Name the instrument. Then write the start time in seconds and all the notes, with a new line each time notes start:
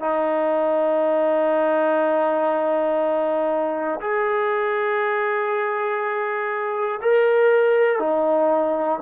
trombone
0.00 D#4
4.00 G#4
7.01 A#4
7.99 D#4